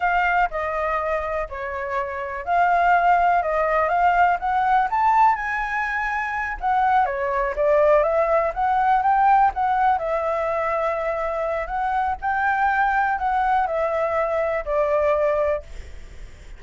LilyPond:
\new Staff \with { instrumentName = "flute" } { \time 4/4 \tempo 4 = 123 f''4 dis''2 cis''4~ | cis''4 f''2 dis''4 | f''4 fis''4 a''4 gis''4~ | gis''4. fis''4 cis''4 d''8~ |
d''8 e''4 fis''4 g''4 fis''8~ | fis''8 e''2.~ e''8 | fis''4 g''2 fis''4 | e''2 d''2 | }